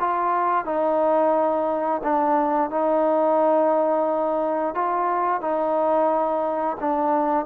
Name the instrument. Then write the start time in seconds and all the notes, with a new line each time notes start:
trombone
0.00 F4
0.65 D#4
2.03 D4
2.70 D#4
4.75 F4
5.41 D#4
6.80 D4